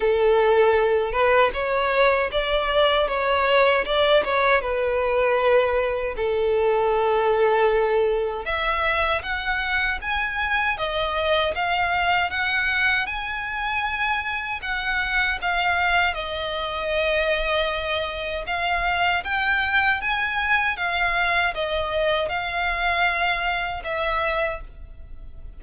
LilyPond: \new Staff \with { instrumentName = "violin" } { \time 4/4 \tempo 4 = 78 a'4. b'8 cis''4 d''4 | cis''4 d''8 cis''8 b'2 | a'2. e''4 | fis''4 gis''4 dis''4 f''4 |
fis''4 gis''2 fis''4 | f''4 dis''2. | f''4 g''4 gis''4 f''4 | dis''4 f''2 e''4 | }